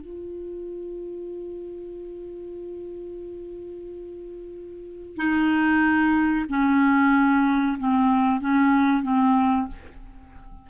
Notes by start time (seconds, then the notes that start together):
0.00 F4
5.16 D#4
6.49 C#4
7.79 C4
8.40 C#4
9.02 C4